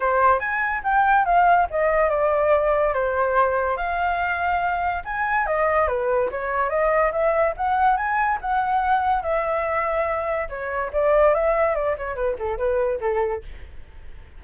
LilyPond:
\new Staff \with { instrumentName = "flute" } { \time 4/4 \tempo 4 = 143 c''4 gis''4 g''4 f''4 | dis''4 d''2 c''4~ | c''4 f''2. | gis''4 dis''4 b'4 cis''4 |
dis''4 e''4 fis''4 gis''4 | fis''2 e''2~ | e''4 cis''4 d''4 e''4 | d''8 cis''8 b'8 a'8 b'4 a'4 | }